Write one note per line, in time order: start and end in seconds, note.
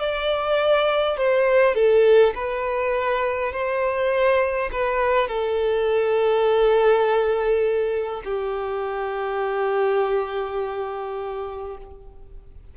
0.00 1.18 D5
1.18 1.75 C5
1.75 2.34 A4
2.35 3.52 B4
3.52 4.70 C5
4.72 5.28 B4
5.28 8.22 A4
8.25 11.78 G4